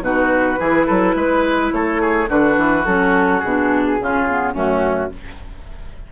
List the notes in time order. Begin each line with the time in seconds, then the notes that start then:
0.00 B2 D#4 F#4 B4
0.57 E3 E4 G#4
0.86 F#3 A4
1.14 G#3 B4
1.72 A3 A4 C#5
2.01 G#4
2.27 D3 D4 F#4 B4
2.57 E3
2.85 F#3 C#4 A4
3.39 B2 G#4
3.46 D4
3.99 C#3 C#4 F4
4.29 B3
4.53 F#2 A3 C#4 F#4